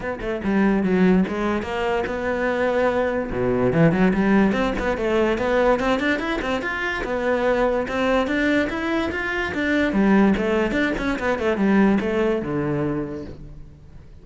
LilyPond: \new Staff \with { instrumentName = "cello" } { \time 4/4 \tempo 4 = 145 b8 a8 g4 fis4 gis4 | ais4 b2. | b,4 e8 fis8 g4 c'8 b8 | a4 b4 c'8 d'8 e'8 c'8 |
f'4 b2 c'4 | d'4 e'4 f'4 d'4 | g4 a4 d'8 cis'8 b8 a8 | g4 a4 d2 | }